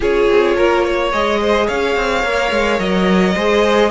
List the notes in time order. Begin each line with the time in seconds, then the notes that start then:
0.00 C#4 F4 G#4 C#5
0.29 C4
0.55 A#3 A#4
0.84 C#5
1.12 G#3 G#4 D#5
1.40 C5
1.66 C#4 C#5 F5
1.95 C4
2.23 A#3 A#4
2.51 G#3
2.79 F#3 D#5
3.34 G#3 G#4 C5